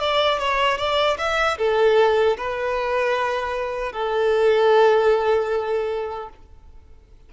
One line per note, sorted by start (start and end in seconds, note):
0.00 0.38 D5
0.38 0.78 C#5
0.78 1.17 D5
1.18 1.57 E5
1.58 2.37 A4
2.37 3.92 B4
3.92 6.29 A4